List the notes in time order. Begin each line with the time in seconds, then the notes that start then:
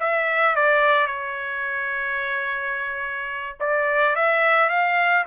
0.00 E5
0.56 D5
1.07 C#5
3.60 D5
4.16 E5
4.69 F5